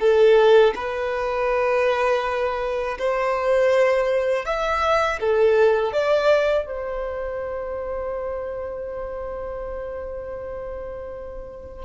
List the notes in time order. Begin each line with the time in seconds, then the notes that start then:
0.00 A4
0.76 B4
2.99 C5
4.45 E5
5.20 A4
5.93 D5
6.67 C5